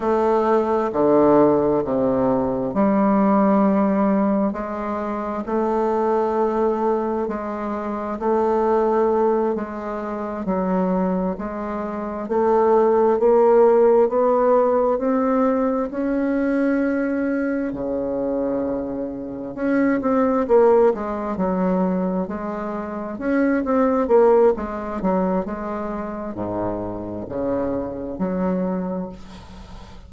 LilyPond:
\new Staff \with { instrumentName = "bassoon" } { \time 4/4 \tempo 4 = 66 a4 d4 c4 g4~ | g4 gis4 a2 | gis4 a4. gis4 fis8~ | fis8 gis4 a4 ais4 b8~ |
b8 c'4 cis'2 cis8~ | cis4. cis'8 c'8 ais8 gis8 fis8~ | fis8 gis4 cis'8 c'8 ais8 gis8 fis8 | gis4 gis,4 cis4 fis4 | }